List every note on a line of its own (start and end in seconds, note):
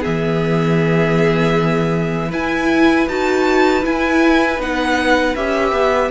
0.00 2.31 E3
0.00 2.30 B3
0.00 2.28 G#4
0.00 2.32 E5
2.29 3.07 E4
2.29 3.09 E4
2.29 6.09 B4
2.29 3.09 G#5
3.08 3.84 D#4
3.08 3.82 F#4
3.08 3.85 A5
3.82 4.58 E4
3.82 4.61 G#5
4.58 5.34 B3
4.58 5.36 D#4
4.58 5.36 F#5
5.36 5.72 C#4
5.36 6.11 G4
5.36 6.11 E5
5.72 6.10 B3